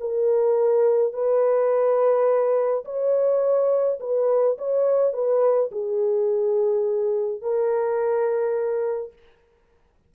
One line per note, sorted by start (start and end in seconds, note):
0.00 1.13 A#4
1.13 2.84 B4
2.85 3.99 C#5
4.00 4.57 B4
4.58 5.13 C#5
5.13 5.70 B4
5.71 7.42 G#4
7.42 9.13 A#4